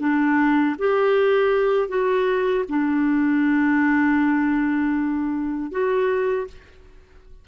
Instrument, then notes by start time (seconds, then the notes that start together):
clarinet
0.00 D4
0.79 G4
1.89 F#4
2.69 D4
5.72 F#4